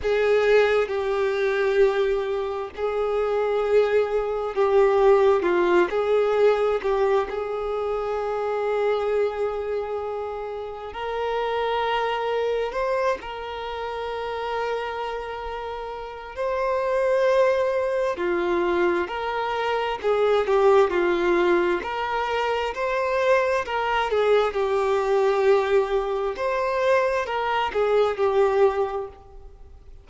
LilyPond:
\new Staff \with { instrumentName = "violin" } { \time 4/4 \tempo 4 = 66 gis'4 g'2 gis'4~ | gis'4 g'4 f'8 gis'4 g'8 | gis'1 | ais'2 c''8 ais'4.~ |
ais'2 c''2 | f'4 ais'4 gis'8 g'8 f'4 | ais'4 c''4 ais'8 gis'8 g'4~ | g'4 c''4 ais'8 gis'8 g'4 | }